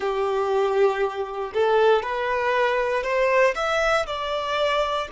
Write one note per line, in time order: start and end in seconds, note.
0.00 1.52 G4
1.53 2.02 A4
2.02 3.03 B4
3.03 3.54 C5
3.55 4.06 E5
4.06 5.08 D5